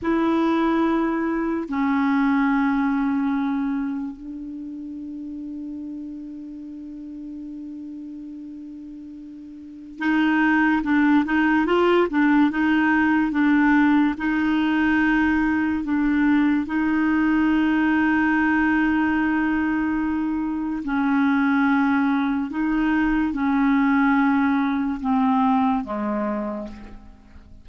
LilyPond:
\new Staff \with { instrumentName = "clarinet" } { \time 4/4 \tempo 4 = 72 e'2 cis'2~ | cis'4 d'2.~ | d'1 | dis'4 d'8 dis'8 f'8 d'8 dis'4 |
d'4 dis'2 d'4 | dis'1~ | dis'4 cis'2 dis'4 | cis'2 c'4 gis4 | }